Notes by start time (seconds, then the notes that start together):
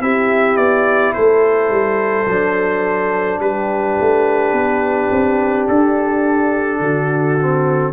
0.00 C4 E4 G4 E5
0.56 B3 D5
1.14 A3 A4 C5
1.69 G3
2.27 F#3 D4
3.40 G3 G4 B4
4.00 A3
4.52 B3
5.11 C4
5.68 D4 A4
6.80 D3 F#4
7.39 C4